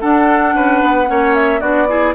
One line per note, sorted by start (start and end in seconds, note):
0.00 1.06 D4
0.00 0.54 D4
0.00 0.54 A4
0.00 1.34 F#5
0.54 0.81 C#4
0.54 1.09 B4
0.82 1.09 B3
1.06 1.60 A#3
1.06 1.60 C#4
1.06 1.60 C#5
1.34 1.60 E5
1.60 2.14 B3
1.60 1.87 D4
1.60 1.87 F#4
1.60 2.14 D5
1.88 2.14 E4
1.88 2.14 G#4